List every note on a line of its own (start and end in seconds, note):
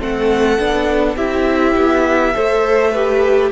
0.00 0.60 A3
0.00 0.59 C4
0.00 1.16 A4
0.00 1.17 F#5
0.59 1.17 B3
0.59 1.17 D4
1.16 1.75 C4
1.16 2.35 E4
1.16 2.34 G4
1.16 3.52 E5
1.76 2.35 B3
2.35 3.52 A3
2.35 2.94 A4
2.35 2.92 C5
2.92 3.52 G4
2.92 3.51 B4